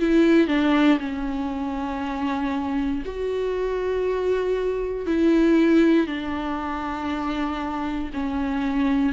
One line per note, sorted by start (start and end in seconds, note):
0.00 0.48 E4
0.48 0.98 D4
1.00 3.03 C#4
3.06 5.07 F#4
5.07 6.07 E4
6.07 8.10 D4
8.14 9.13 C#4